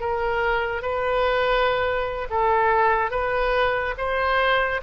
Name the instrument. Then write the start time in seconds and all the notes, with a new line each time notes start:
oboe
0.00 A#4
0.82 B4
2.30 A4
3.11 B4
3.98 C5